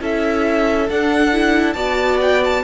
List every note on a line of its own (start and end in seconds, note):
0.00 0.89 C#4
0.00 0.88 E4
0.00 1.75 A4
0.00 0.90 E5
0.90 1.75 D4
0.90 1.32 D4
0.90 1.73 F#5
1.32 1.76 E4
1.73 2.63 B3
1.73 2.64 F#4
1.73 2.63 D5
1.73 2.17 A5
2.21 2.43 G5
2.44 2.64 A5